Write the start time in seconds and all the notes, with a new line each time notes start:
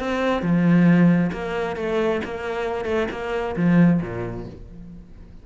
0.00 C4
0.42 F3
1.33 A#3
1.77 A3
2.25 A#3
2.85 A3
3.12 A#3
3.56 F3
4.02 A#2